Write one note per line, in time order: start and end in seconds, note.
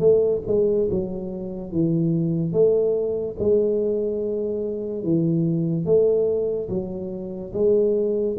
0.00 0.42 A3
0.47 0.89 G#3
0.91 1.72 F#3
1.72 2.53 E3
2.53 3.36 A3
3.39 5.04 G#3
5.04 5.86 E3
5.86 6.69 A3
6.69 7.53 F#3
7.54 8.37 G#3